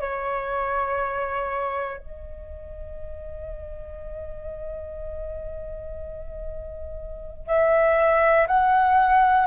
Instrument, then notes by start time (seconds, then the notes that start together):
flute
0.00 C#5
1.98 D#5
7.46 E5
8.47 F#5